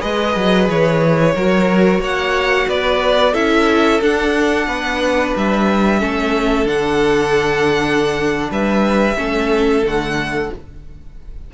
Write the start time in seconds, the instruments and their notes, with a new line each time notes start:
0.00 cello G#3, viola G#4, violin B4 D#5
0.36 cello F#3
0.69 cello E3, violin C#5
1.36 cello F#3, viola F#4, violin A#4
2.00 cello A#3, violin C#5 F#5
2.68 cello B3, violin B4 D5
3.33 cello C#4, viola E4, violin A4 E5
4.02 viola D4, cello D4, violin F#5
4.68 cello B3, violin B4
5.36 cello G3, violin E5
6.00 cello A3, viola C#4, violin A4
6.66 cello D3, viola D4, violin F#5
8.51 cello G3, violin B4 E5
9.17 cello A3, viola C#4, violin A4
9.83 cello D3, viola A3, violin F#5